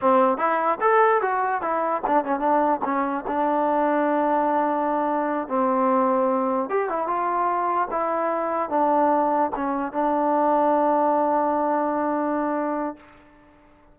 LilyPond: \new Staff \with { instrumentName = "trombone" } { \time 4/4 \tempo 4 = 148 c'4 e'4 a'4 fis'4 | e'4 d'8 cis'8 d'4 cis'4 | d'1~ | d'4. c'2~ c'8~ |
c'8 g'8 e'8 f'2 e'8~ | e'4. d'2 cis'8~ | cis'8 d'2.~ d'8~ | d'1 | }